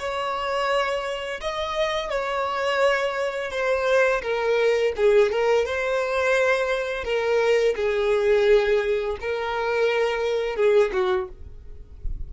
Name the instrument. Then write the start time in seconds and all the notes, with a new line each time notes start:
violin
0.00 C#5
1.41 D#5
2.10 C#5
3.51 C5
4.23 A#4
4.97 G#4
5.32 A#4
5.66 C5
7.05 A#4
7.77 G#4
9.21 A#4
10.57 G#4
10.93 F#4